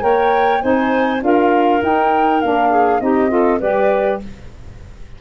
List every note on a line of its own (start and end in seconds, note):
0.00 0.62 A#3
0.00 0.59 A#4
0.00 0.62 C#5
0.00 0.61 G5
0.60 1.22 C4
0.60 1.19 D#4
0.60 1.22 C5
0.60 1.21 G#5
1.20 1.81 D4
1.20 1.79 F4
1.20 2.70 A#4
1.20 1.82 F5
1.82 2.41 D#4
1.82 2.42 D#4
1.82 2.41 G5
2.41 3.01 A#3
2.41 3.00 D4
2.41 3.00 F5
2.70 3.00 G#4
3.00 3.60 C4
3.00 3.28 D#4
3.00 3.31 G4
3.00 3.60 D#5
3.28 3.58 F4
3.28 3.59 A4
3.59 4.21 G3
3.59 4.20 G4
3.59 4.19 B4
3.59 4.20 D5